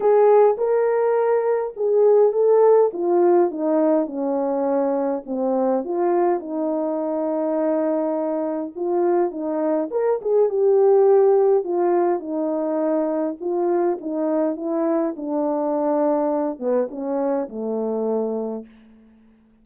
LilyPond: \new Staff \with { instrumentName = "horn" } { \time 4/4 \tempo 4 = 103 gis'4 ais'2 gis'4 | a'4 f'4 dis'4 cis'4~ | cis'4 c'4 f'4 dis'4~ | dis'2. f'4 |
dis'4 ais'8 gis'8 g'2 | f'4 dis'2 f'4 | dis'4 e'4 d'2~ | d'8 b8 cis'4 a2 | }